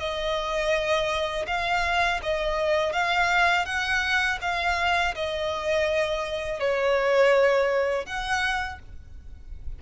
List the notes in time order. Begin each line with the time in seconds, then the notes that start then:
0.00 D#5
1.48 F5
2.23 D#5
2.93 F5
3.66 F#5
4.42 F5
5.16 D#5
6.60 C#5
8.06 F#5